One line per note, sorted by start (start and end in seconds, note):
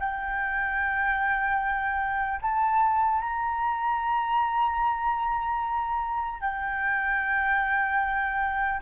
0.00 2.40 G5
2.42 3.21 A5
3.21 6.41 A#5
6.41 8.81 G5